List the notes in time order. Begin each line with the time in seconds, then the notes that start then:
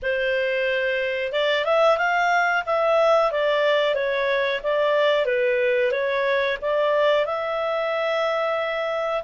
0.02 C5
1.32 D5
1.65 E5
1.98 F5
2.66 E5
3.31 D5
3.94 C#5
4.63 D5
5.25 B4
5.91 C#5
6.61 D5
7.25 E5